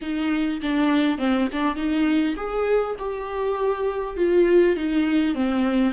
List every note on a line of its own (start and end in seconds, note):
0.01 0.60 D#4
0.62 1.18 D4
1.18 1.48 C4
1.52 1.76 D4
1.76 2.35 D#4
2.36 2.95 G#4
2.98 4.16 G4
4.16 4.76 F4
4.76 5.34 D#4
5.34 5.93 C4